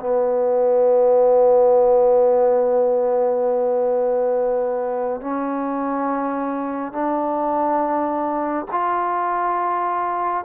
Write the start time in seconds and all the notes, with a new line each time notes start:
0.00 B3
5.21 C#4
6.92 D4
8.71 F4